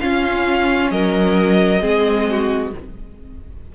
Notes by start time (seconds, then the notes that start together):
0.00 C#4 F4 F5
0.91 F#3 A#4 D#5
1.80 G#3 C4 G#4
2.30 F#4